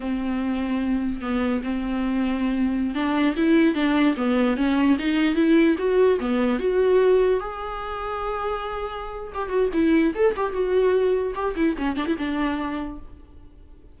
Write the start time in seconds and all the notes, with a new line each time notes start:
0.00 C4
1.21 B3
1.63 C4
2.94 D4
3.36 E4
3.74 D4
4.16 B3
4.56 C#4
4.98 D#4
5.35 E4
5.78 F#4
6.19 B3
6.59 F#4
7.40 G#4
9.33 G4
9.49 F#4
9.73 E4
10.14 A4
10.36 G4
10.52 F#4
11.34 G4
11.56 E4
11.77 C#4
11.96 D4
12.06 E4
12.18 D4